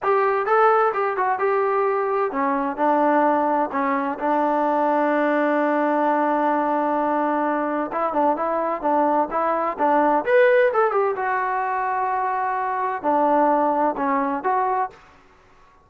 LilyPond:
\new Staff \with { instrumentName = "trombone" } { \time 4/4 \tempo 4 = 129 g'4 a'4 g'8 fis'8 g'4~ | g'4 cis'4 d'2 | cis'4 d'2.~ | d'1~ |
d'4 e'8 d'8 e'4 d'4 | e'4 d'4 b'4 a'8 g'8 | fis'1 | d'2 cis'4 fis'4 | }